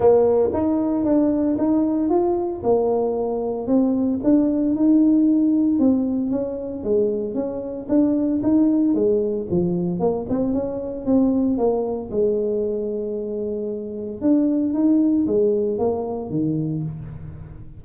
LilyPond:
\new Staff \with { instrumentName = "tuba" } { \time 4/4 \tempo 4 = 114 ais4 dis'4 d'4 dis'4 | f'4 ais2 c'4 | d'4 dis'2 c'4 | cis'4 gis4 cis'4 d'4 |
dis'4 gis4 f4 ais8 c'8 | cis'4 c'4 ais4 gis4~ | gis2. d'4 | dis'4 gis4 ais4 dis4 | }